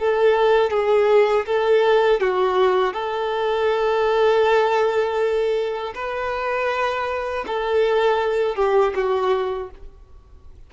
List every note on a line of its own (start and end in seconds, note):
0.00 0.71 A4
0.71 1.46 G#4
1.47 2.21 A4
2.21 2.94 F#4
2.94 5.94 A4
5.95 7.45 B4
7.47 8.56 A4
8.56 8.94 G4
8.96 9.71 F#4